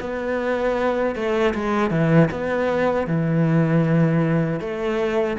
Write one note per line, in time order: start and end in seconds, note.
0.00 1.15 B3
1.15 1.54 A3
1.54 1.91 G#3
1.91 2.29 E3
2.31 3.07 B3
3.07 4.60 E3
4.60 5.37 A3